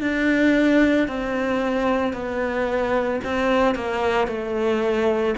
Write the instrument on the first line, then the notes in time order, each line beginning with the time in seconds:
cello
0.00 D4
1.08 C4
2.13 B3
3.24 C4
3.75 A#3
4.27 A3